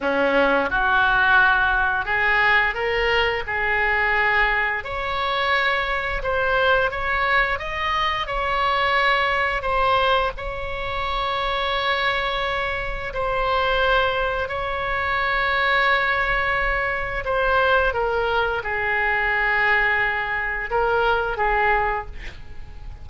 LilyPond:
\new Staff \with { instrumentName = "oboe" } { \time 4/4 \tempo 4 = 87 cis'4 fis'2 gis'4 | ais'4 gis'2 cis''4~ | cis''4 c''4 cis''4 dis''4 | cis''2 c''4 cis''4~ |
cis''2. c''4~ | c''4 cis''2.~ | cis''4 c''4 ais'4 gis'4~ | gis'2 ais'4 gis'4 | }